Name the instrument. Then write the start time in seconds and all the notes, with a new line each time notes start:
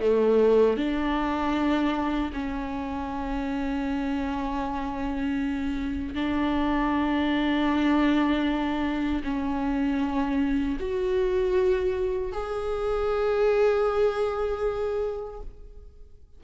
viola
0.00 A3
0.77 D4
2.33 C#4
6.14 D4
9.23 C#4
10.79 F#4
12.32 G#4